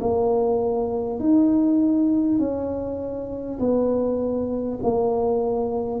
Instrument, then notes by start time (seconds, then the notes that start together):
tuba
0.00 A#3
1.19 D#4
2.38 C#4
3.59 B3
4.82 A#3